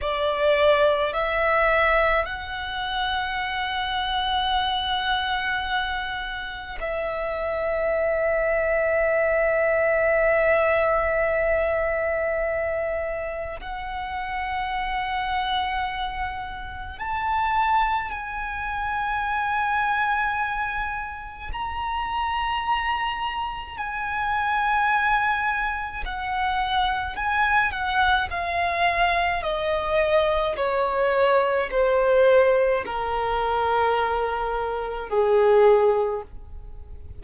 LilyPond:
\new Staff \with { instrumentName = "violin" } { \time 4/4 \tempo 4 = 53 d''4 e''4 fis''2~ | fis''2 e''2~ | e''1 | fis''2. a''4 |
gis''2. ais''4~ | ais''4 gis''2 fis''4 | gis''8 fis''8 f''4 dis''4 cis''4 | c''4 ais'2 gis'4 | }